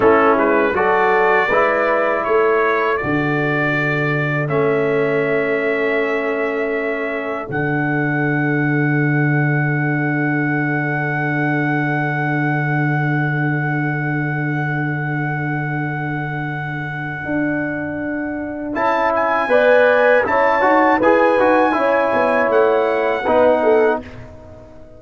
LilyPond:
<<
  \new Staff \with { instrumentName = "trumpet" } { \time 4/4 \tempo 4 = 80 a'8 b'8 d''2 cis''4 | d''2 e''2~ | e''2 fis''2~ | fis''1~ |
fis''1~ | fis''1~ | fis''4 a''8 gis''4. a''4 | gis''2 fis''2 | }
  \new Staff \with { instrumentName = "horn" } { \time 4/4 e'4 a'4 b'4 a'4~ | a'1~ | a'1~ | a'1~ |
a'1~ | a'1~ | a'2 d''4 cis''4 | b'4 cis''2 b'8 a'8 | }
  \new Staff \with { instrumentName = "trombone" } { \time 4/4 cis'4 fis'4 e'2 | fis'2 cis'2~ | cis'2 d'2~ | d'1~ |
d'1~ | d'1~ | d'4 e'4 b'4 e'8 fis'8 | gis'8 fis'8 e'2 dis'4 | }
  \new Staff \with { instrumentName = "tuba" } { \time 4/4 a8 gis8 fis4 gis4 a4 | d2 a2~ | a2 d2~ | d1~ |
d1~ | d2. d'4~ | d'4 cis'4 b4 cis'8 dis'8 | e'8 dis'8 cis'8 b8 a4 b4 | }
>>